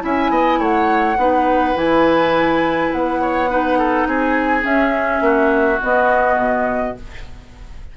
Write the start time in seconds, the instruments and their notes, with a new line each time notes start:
0.00 bassoon C#4, clarinet E4, oboe E5, flute G#5
0.30 bassoon B3, oboe D#5
0.59 bassoon A3, oboe C#5, flute F#5
1.18 bassoon B3, clarinet D#4, oboe B4
1.75 bassoon E3, clarinet E4, flute G#5
2.93 bassoon B3, flute F#5
3.21 oboe C#5
3.50 clarinet D#4, oboe B4
3.79 oboe A4
4.07 bassoon C4, oboe G#4, flute G#5
4.63 clarinet C#4, bassoon C#4, flute E5
5.21 bassoon A#3, oboe F#4
5.81 clarinet B3, bassoon B3, flute D#5
6.37 bassoon B2